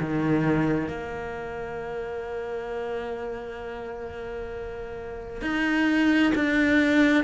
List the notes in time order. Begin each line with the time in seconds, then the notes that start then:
0.00 D#3
0.88 A#3
5.41 D#4
6.35 D4